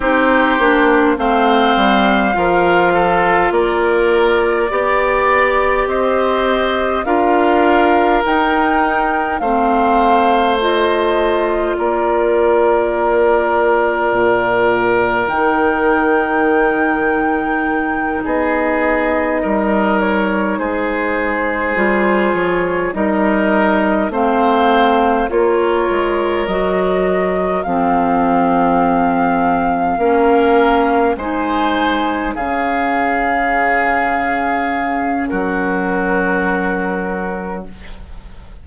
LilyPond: <<
  \new Staff \with { instrumentName = "flute" } { \time 4/4 \tempo 4 = 51 c''4 f''2 d''4~ | d''4 dis''4 f''4 g''4 | f''4 dis''4 d''2~ | d''4 g''2~ g''8 dis''8~ |
dis''4 cis''8 c''4. cis''8 dis''8~ | dis''8 f''4 cis''4 dis''4 f''8~ | f''2~ f''8 gis''4 f''8~ | f''2 ais'2 | }
  \new Staff \with { instrumentName = "oboe" } { \time 4/4 g'4 c''4 ais'8 a'8 ais'4 | d''4 c''4 ais'2 | c''2 ais'2~ | ais'2.~ ais'8 gis'8~ |
gis'8 ais'4 gis'2 ais'8~ | ais'8 c''4 ais'2 a'8~ | a'4. ais'4 c''4 gis'8~ | gis'2 fis'2 | }
  \new Staff \with { instrumentName = "clarinet" } { \time 4/4 dis'8 d'8 c'4 f'2 | g'2 f'4 dis'4 | c'4 f'2.~ | f'4 dis'2.~ |
dis'2~ dis'8 f'4 dis'8~ | dis'8 c'4 f'4 fis'4 c'8~ | c'4. cis'4 dis'4 cis'8~ | cis'1 | }
  \new Staff \with { instrumentName = "bassoon" } { \time 4/4 c'8 ais8 a8 g8 f4 ais4 | b4 c'4 d'4 dis'4 | a2 ais2 | ais,4 dis2~ dis8 b8~ |
b8 g4 gis4 g8 f8 g8~ | g8 a4 ais8 gis8 fis4 f8~ | f4. ais4 gis4 cis8~ | cis2 fis2 | }
>>